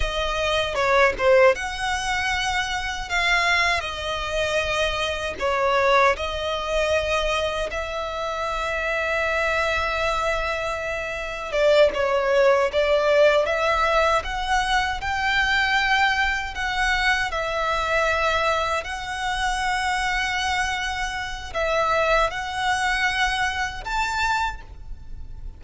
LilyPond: \new Staff \with { instrumentName = "violin" } { \time 4/4 \tempo 4 = 78 dis''4 cis''8 c''8 fis''2 | f''4 dis''2 cis''4 | dis''2 e''2~ | e''2. d''8 cis''8~ |
cis''8 d''4 e''4 fis''4 g''8~ | g''4. fis''4 e''4.~ | e''8 fis''2.~ fis''8 | e''4 fis''2 a''4 | }